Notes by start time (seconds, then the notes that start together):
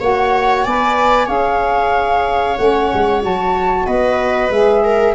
0.00 A#3 F#4 C#5 F#5
0.63 B3 B4 D5 G#5
1.26 C#4 G#4 C#5 F5
2.57 A3 C#4 F#5
2.93 G#3
3.20 F#3 F#4 A5
3.86 B3 B4 D#5
4.49 G#3 G#4 E5
4.83 A#4